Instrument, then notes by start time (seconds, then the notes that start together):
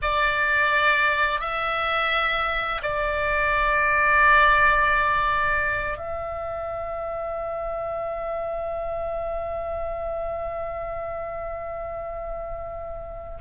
oboe
0.02 D5
1.40 E5
2.82 D5
5.97 E5